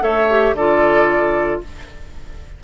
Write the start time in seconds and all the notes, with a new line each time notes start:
0.00 A3 A4 C#5 E5
0.30 G4
0.53 D3 F4 A4 D5